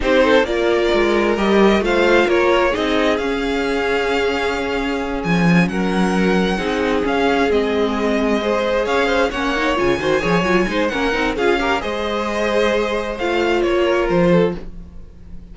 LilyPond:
<<
  \new Staff \with { instrumentName = "violin" } { \time 4/4 \tempo 4 = 132 c''4 d''2 dis''4 | f''4 cis''4 dis''4 f''4~ | f''2.~ f''8 gis''8~ | gis''8 fis''2. f''8~ |
f''8 dis''2. f''8~ | f''8 fis''4 gis''2~ gis''8 | fis''4 f''4 dis''2~ | dis''4 f''4 cis''4 c''4 | }
  \new Staff \with { instrumentName = "violin" } { \time 4/4 g'8 a'8 ais'2. | c''4 ais'4 gis'2~ | gis'1~ | gis'8 ais'2 gis'4.~ |
gis'2~ gis'8 c''4 cis''8 | c''8 cis''4. c''8 cis''4 c''8 | ais'4 gis'8 ais'8 c''2~ | c''2~ c''8 ais'4 a'8 | }
  \new Staff \with { instrumentName = "viola" } { \time 4/4 dis'4 f'2 g'4 | f'2 dis'4 cis'4~ | cis'1~ | cis'2~ cis'8 dis'4 cis'8~ |
cis'8 c'2 gis'4.~ | gis'8 cis'8 dis'8 f'8 fis'8 gis'8 f'8 dis'8 | cis'8 dis'8 f'8 g'8 gis'2~ | gis'4 f'2. | }
  \new Staff \with { instrumentName = "cello" } { \time 4/4 c'4 ais4 gis4 g4 | a4 ais4 c'4 cis'4~ | cis'2.~ cis'8 f8~ | f8 fis2 c'4 cis'8~ |
cis'8 gis2. cis'8~ | cis'8 ais4 cis8 dis8 f8 fis8 gis8 | ais8 c'8 cis'4 gis2~ | gis4 a4 ais4 f4 | }
>>